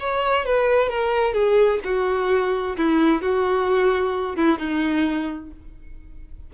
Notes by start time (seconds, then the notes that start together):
0.00 C#5
0.46 B4
0.90 A#4
1.34 G#4
1.84 F#4
2.77 E4
3.22 F#4
4.36 E4
4.59 D#4